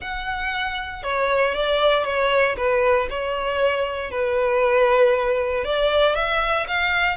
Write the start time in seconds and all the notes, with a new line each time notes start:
0.01 F#5
1.03 C#5
1.54 D5
2.04 C#5
2.56 B4
3.09 C#5
4.10 B4
5.64 D5
6.15 E5
6.67 F5